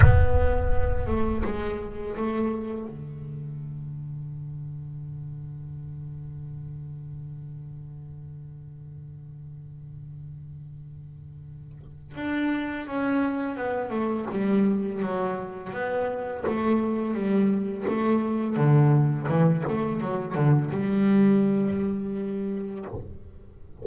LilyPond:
\new Staff \with { instrumentName = "double bass" } { \time 4/4 \tempo 4 = 84 b4. a8 gis4 a4 | d1~ | d1~ | d1~ |
d4 d'4 cis'4 b8 a8 | g4 fis4 b4 a4 | g4 a4 d4 e8 a8 | fis8 d8 g2. | }